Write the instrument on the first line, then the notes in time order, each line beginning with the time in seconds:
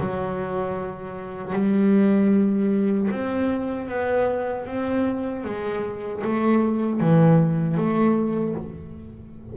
double bass
0.00 F#3
1.53 G3
3.11 C4
3.89 B3
4.66 C4
5.45 G#3
6.24 A3
7.01 E3
7.77 A3